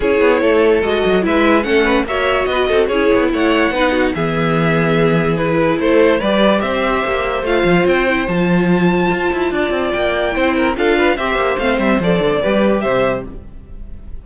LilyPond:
<<
  \new Staff \with { instrumentName = "violin" } { \time 4/4 \tempo 4 = 145 cis''2 dis''4 e''4 | fis''4 e''4 dis''4 cis''4 | fis''2 e''2~ | e''4 b'4 c''4 d''4 |
e''2 f''4 g''4 | a''1 | g''2 f''4 e''4 | f''8 e''8 d''2 e''4 | }
  \new Staff \with { instrumentName = "violin" } { \time 4/4 gis'4 a'2 b'4 | a'8 b'8 cis''4 b'8 a'8 gis'4 | cis''4 b'8 fis'8 gis'2~ | gis'2 a'4 b'4 |
c''1~ | c''2. d''4~ | d''4 c''8 ais'8 a'8 b'8 c''4~ | c''2 b'4 c''4 | }
  \new Staff \with { instrumentName = "viola" } { \time 4/4 e'2 fis'4 e'4 | cis'4 fis'2 e'4~ | e'4 dis'4 b2~ | b4 e'2 g'4~ |
g'2 f'4. e'8 | f'1~ | f'4 e'4 f'4 g'4 | c'4 a'4 g'2 | }
  \new Staff \with { instrumentName = "cello" } { \time 4/4 cis'8 b8 a4 gis8 fis8 gis4 | a4 ais4 b8 c'8 cis'8 b8 | a4 b4 e2~ | e2 a4 g4 |
c'4 ais4 a8 f8 c'4 | f2 f'8 e'8 d'8 c'8 | ais4 c'4 d'4 c'8 ais8 | a8 g8 f8 d8 g4 c4 | }
>>